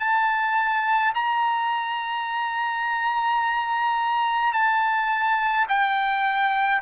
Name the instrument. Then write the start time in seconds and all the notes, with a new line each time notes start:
trumpet
0.00 A5
1.15 A#5
4.53 A5
5.69 G5